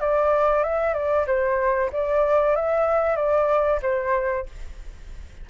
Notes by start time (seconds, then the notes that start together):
0.00 D5
0.63 E5
0.93 D5
1.26 C5
1.92 D5
2.56 E5
3.16 D5
3.82 C5